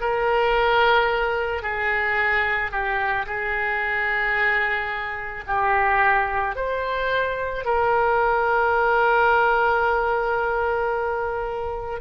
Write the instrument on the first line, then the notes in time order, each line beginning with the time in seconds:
oboe
0.00 A#4
1.62 G#4
2.71 G4
3.26 G#4
5.46 G4
6.56 C5
7.64 A#4